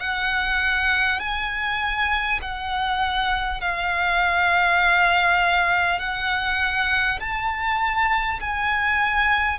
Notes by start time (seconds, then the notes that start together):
0.00 F#5
1.19 G#5
2.41 F#5
3.60 F5
5.99 F#5
7.19 A5
8.40 G#5